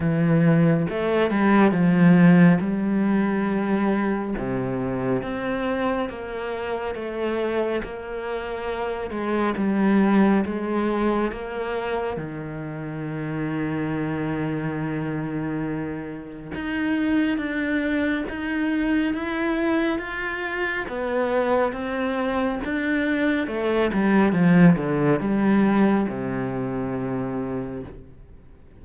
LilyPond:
\new Staff \with { instrumentName = "cello" } { \time 4/4 \tempo 4 = 69 e4 a8 g8 f4 g4~ | g4 c4 c'4 ais4 | a4 ais4. gis8 g4 | gis4 ais4 dis2~ |
dis2. dis'4 | d'4 dis'4 e'4 f'4 | b4 c'4 d'4 a8 g8 | f8 d8 g4 c2 | }